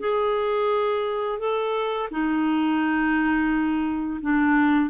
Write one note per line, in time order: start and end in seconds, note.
0.00 1.39 G#4
1.39 2.09 A4
2.11 4.21 D#4
4.22 4.91 D4